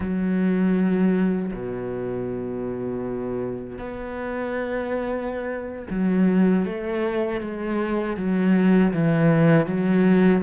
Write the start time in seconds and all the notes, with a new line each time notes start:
0.00 F#3
1.53 B2
3.78 B3
5.90 F#3
6.65 A3
7.41 G#3
8.16 F#3
8.93 E3
9.66 F#3